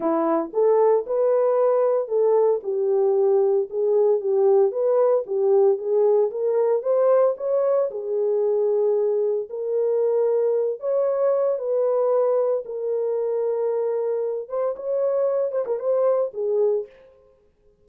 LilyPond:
\new Staff \with { instrumentName = "horn" } { \time 4/4 \tempo 4 = 114 e'4 a'4 b'2 | a'4 g'2 gis'4 | g'4 b'4 g'4 gis'4 | ais'4 c''4 cis''4 gis'4~ |
gis'2 ais'2~ | ais'8 cis''4. b'2 | ais'2.~ ais'8 c''8 | cis''4. c''16 ais'16 c''4 gis'4 | }